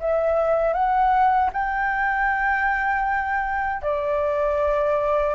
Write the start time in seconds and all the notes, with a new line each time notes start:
0.00 E5
0.74 F#5
1.53 G5
3.83 D5